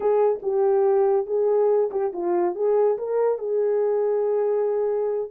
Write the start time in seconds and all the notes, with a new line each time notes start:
0.00 G#4
0.42 G4
1.26 G#4
1.91 G4
2.13 F4
2.55 G#4
2.97 A#4
3.38 G#4